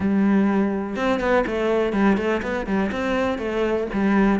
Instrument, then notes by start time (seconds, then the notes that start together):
cello
0.00 G3
0.95 C4
1.20 B3
1.46 A3
1.92 G3
2.17 A3
2.42 B3
2.66 G3
2.91 C4
3.38 A3
3.93 G3